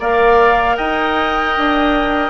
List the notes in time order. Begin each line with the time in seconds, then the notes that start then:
0.00 A#3 A#4 D5 F5
0.77 D#4 D#5 G5
1.57 D4